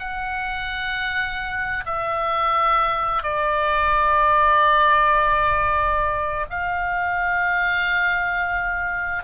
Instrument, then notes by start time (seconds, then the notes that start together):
oboe
0.00 F#5
1.86 E5
3.23 D5
6.50 F5